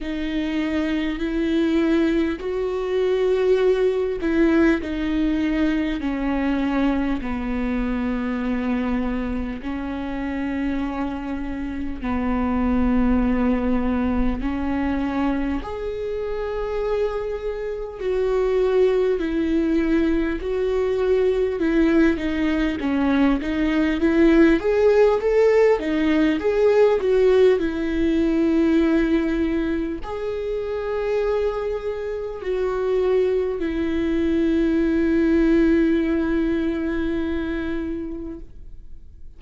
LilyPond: \new Staff \with { instrumentName = "viola" } { \time 4/4 \tempo 4 = 50 dis'4 e'4 fis'4. e'8 | dis'4 cis'4 b2 | cis'2 b2 | cis'4 gis'2 fis'4 |
e'4 fis'4 e'8 dis'8 cis'8 dis'8 | e'8 gis'8 a'8 dis'8 gis'8 fis'8 e'4~ | e'4 gis'2 fis'4 | e'1 | }